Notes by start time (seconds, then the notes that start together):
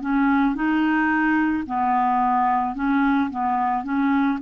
0.00 C#4
0.55 D#4
1.66 B3
2.75 C#4
3.30 B3
3.84 C#4